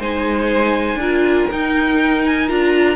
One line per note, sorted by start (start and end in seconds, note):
0.00 0.96 G#3
0.00 1.01 D#4
0.00 0.99 C5
0.00 1.51 G#5
0.96 1.45 D4
0.96 1.51 F4
0.96 2.96 A#4
1.51 2.51 D#4
1.51 2.49 D#4
1.51 2.26 G5
2.26 2.49 G#5
2.49 2.96 D4
2.49 2.96 F4
2.49 2.96 A#5